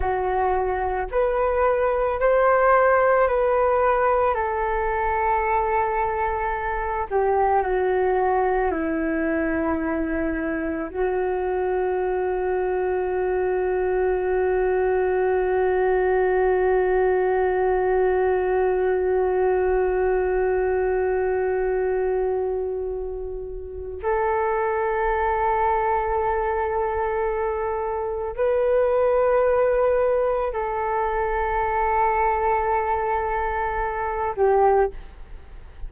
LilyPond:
\new Staff \with { instrumentName = "flute" } { \time 4/4 \tempo 4 = 55 fis'4 b'4 c''4 b'4 | a'2~ a'8 g'8 fis'4 | e'2 fis'2~ | fis'1~ |
fis'1~ | fis'2 a'2~ | a'2 b'2 | a'2.~ a'8 g'8 | }